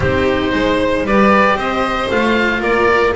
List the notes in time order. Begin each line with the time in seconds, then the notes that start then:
0.00 C4 D#4 G4 C5
0.53 G#3 C5
1.04 G3 G4 B4 D5
1.55 C4 C5 D#5
2.10 A3 F4 F5
2.60 A#3 A#4 D5